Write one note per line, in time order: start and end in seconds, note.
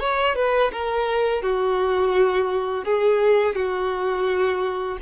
0.00 0.36 C#5
0.36 0.71 B4
0.72 1.43 A#4
1.43 2.85 F#4
2.85 3.56 G#4
3.56 4.98 F#4